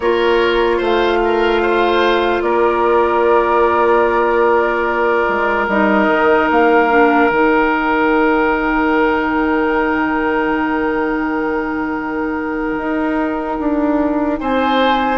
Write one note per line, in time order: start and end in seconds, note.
0.00 0.80 A#3
0.00 5.69 F4
0.00 0.77 A#4
0.00 0.81 C#5
0.77 2.41 A3
0.77 1.18 C5
0.84 2.42 F5
1.24 1.62 A#4
1.62 2.43 C5
2.41 5.25 A#3
2.41 14.39 A#4
2.41 5.66 D5
5.28 5.68 G#3
5.68 6.07 G3
5.68 6.89 D#4
5.68 6.49 D#5
6.07 6.47 D#3
6.51 7.30 A#3
6.51 7.29 F5
6.89 7.30 D4
7.29 12.77 D#3
7.29 15.18 D#4
7.29 14.39 G5
12.77 13.58 D#4
13.59 14.40 D4
14.39 15.18 C4
14.39 15.18 C5
14.39 15.18 G#5